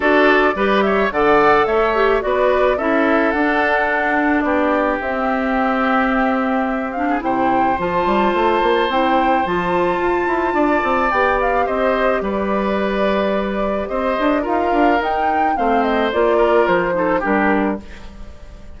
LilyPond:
<<
  \new Staff \with { instrumentName = "flute" } { \time 4/4 \tempo 4 = 108 d''4. e''8 fis''4 e''4 | d''4 e''4 fis''2 | d''4 e''2.~ | e''8 f''8 g''4 a''2 |
g''4 a''2. | g''8 f''8 dis''4 d''2~ | d''4 dis''4 f''4 g''4 | f''8 dis''8 d''4 c''4 ais'4 | }
  \new Staff \with { instrumentName = "oboe" } { \time 4/4 a'4 b'8 cis''8 d''4 cis''4 | b'4 a'2. | g'1~ | g'8. gis'16 c''2.~ |
c''2. d''4~ | d''4 c''4 b'2~ | b'4 c''4 ais'2 | c''4. ais'4 a'8 g'4 | }
  \new Staff \with { instrumentName = "clarinet" } { \time 4/4 fis'4 g'4 a'4. g'8 | fis'4 e'4 d'2~ | d'4 c'2.~ | c'8 d'8 e'4 f'2 |
e'4 f'2. | g'1~ | g'2 f'4 dis'4 | c'4 f'4. dis'8 d'4 | }
  \new Staff \with { instrumentName = "bassoon" } { \time 4/4 d'4 g4 d4 a4 | b4 cis'4 d'2 | b4 c'2.~ | c'4 c4 f8 g8 a8 ais8 |
c'4 f4 f'8 e'8 d'8 c'8 | b4 c'4 g2~ | g4 c'8 d'8 dis'8 d'8 dis'4 | a4 ais4 f4 g4 | }
>>